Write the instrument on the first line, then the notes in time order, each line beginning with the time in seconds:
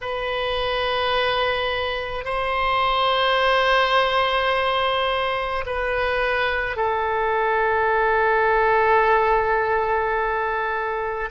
oboe
0.01 B4
2.24 C5
5.66 B4
6.76 A4